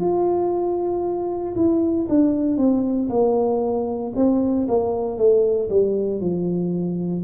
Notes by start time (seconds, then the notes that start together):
0.00 F4
1.55 E4
2.09 D4
2.57 C4
3.09 A#3
4.16 C4
4.68 A#3
5.17 A3
5.69 G3
6.20 F3